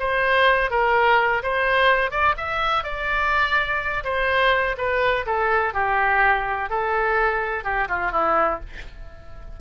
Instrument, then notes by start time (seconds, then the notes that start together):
oboe
0.00 C5
0.71 A#4
1.43 C5
2.11 D5
2.38 E5
2.84 D5
4.05 C5
4.78 B4
5.26 A4
5.74 G4
6.70 A4
7.65 G4
7.89 F4
8.12 E4